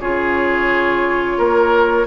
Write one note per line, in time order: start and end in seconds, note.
0.00 1.38 C#3
0.00 2.07 F4
0.00 1.38 G#4
0.00 2.07 C#5
1.38 2.07 A#3
1.38 2.07 A#4